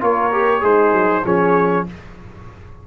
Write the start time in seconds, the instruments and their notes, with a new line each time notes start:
0.00 tuba A#3, trombone F4, horn A#4, trumpet C#5
0.31 trombone G4
0.61 tuba G#3, horn D#4, trombone G#4, trumpet C5
0.92 tuba F#3
1.24 tuba F3, trombone C#4, horn G#4, trumpet C#5